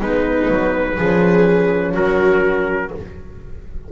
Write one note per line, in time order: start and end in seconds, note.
0.00 0.49 G#3
0.00 0.97 B3
0.00 0.97 D#4
0.00 1.95 B4
0.50 0.98 F#3
0.97 1.95 F3
0.97 2.91 C#4
0.97 1.93 G#4
1.93 2.91 F#3
1.93 2.90 F#4
1.93 2.92 A#4